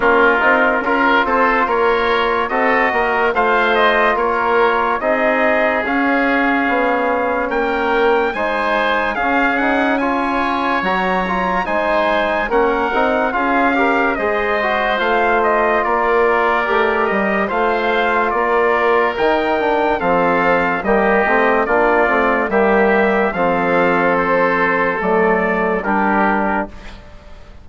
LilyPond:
<<
  \new Staff \with { instrumentName = "trumpet" } { \time 4/4 \tempo 4 = 72 ais'4. c''8 cis''4 dis''4 | f''8 dis''8 cis''4 dis''4 f''4~ | f''4 g''4 gis''4 f''8 fis''8 | gis''4 ais''4 gis''4 fis''4 |
f''4 dis''4 f''8 dis''8 d''4~ | d''8 dis''8 f''4 d''4 g''4 | f''4 dis''4 d''4 e''4 | f''4 c''4 d''4 ais'4 | }
  \new Staff \with { instrumentName = "oboe" } { \time 4/4 f'4 ais'8 a'8 ais'4 a'8 ais'8 | c''4 ais'4 gis'2~ | gis'4 ais'4 c''4 gis'4 | cis''2 c''4 ais'4 |
gis'8 ais'8 c''2 ais'4~ | ais'4 c''4 ais'2 | a'4 g'4 f'4 g'4 | a'2. g'4 | }
  \new Staff \with { instrumentName = "trombone" } { \time 4/4 cis'8 dis'8 f'2 fis'4 | f'2 dis'4 cis'4~ | cis'2 dis'4 cis'8 dis'8 | f'4 fis'8 f'8 dis'4 cis'8 dis'8 |
f'8 g'8 gis'8 fis'8 f'2 | g'4 f'2 dis'8 d'8 | c'4 ais8 c'8 d'8 c'8 ais4 | c'2 a4 d'4 | }
  \new Staff \with { instrumentName = "bassoon" } { \time 4/4 ais8 c'8 cis'8 c'8 ais4 c'8 ais8 | a4 ais4 c'4 cis'4 | b4 ais4 gis4 cis'4~ | cis'4 fis4 gis4 ais8 c'8 |
cis'4 gis4 a4 ais4 | a8 g8 a4 ais4 dis4 | f4 g8 a8 ais8 a8 g4 | f2 fis4 g4 | }
>>